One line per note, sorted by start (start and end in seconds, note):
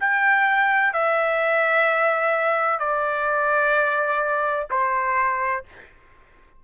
0.00 0.93 G5
0.93 2.80 E5
2.80 4.67 D5
4.70 5.64 C5